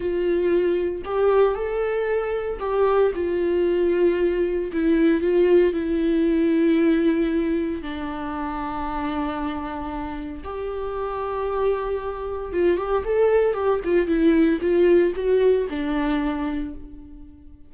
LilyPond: \new Staff \with { instrumentName = "viola" } { \time 4/4 \tempo 4 = 115 f'2 g'4 a'4~ | a'4 g'4 f'2~ | f'4 e'4 f'4 e'4~ | e'2. d'4~ |
d'1 | g'1 | f'8 g'8 a'4 g'8 f'8 e'4 | f'4 fis'4 d'2 | }